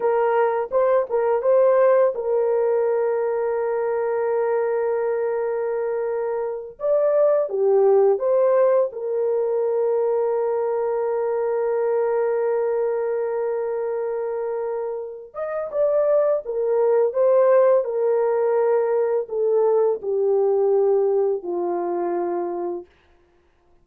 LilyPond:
\new Staff \with { instrumentName = "horn" } { \time 4/4 \tempo 4 = 84 ais'4 c''8 ais'8 c''4 ais'4~ | ais'1~ | ais'4. d''4 g'4 c''8~ | c''8 ais'2.~ ais'8~ |
ais'1~ | ais'4. dis''8 d''4 ais'4 | c''4 ais'2 a'4 | g'2 f'2 | }